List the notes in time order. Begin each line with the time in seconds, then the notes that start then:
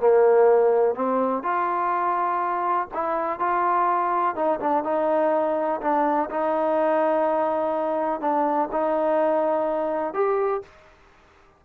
0.00 A#3
0.95 C4
1.43 F4
2.94 E4
3.39 F4
4.35 D#4
4.60 D4
4.84 D#4
5.81 D4
6.30 D#4
8.21 D4
8.72 D#4
10.14 G4